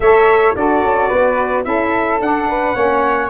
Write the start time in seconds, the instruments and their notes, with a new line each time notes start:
0.00 tuba A3, saxophone A4, flute C#5, trumpet E5
0.55 tuba D4, saxophone F#4, flute A4, trumpet D5
0.82 tuba C#4
1.08 tuba B3, flute B4
1.63 tuba C#4, saxophone E4, flute A4, trumpet E5
2.20 tuba D4, saxophone D4, trumpet F#5
2.49 flute B4
2.75 tuba A#3, saxophone C#4, flute C#5